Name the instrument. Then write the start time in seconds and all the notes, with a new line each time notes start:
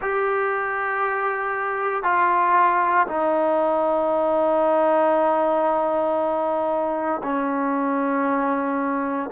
trombone
0.01 G4
2.03 F4
3.08 D#4
7.23 C#4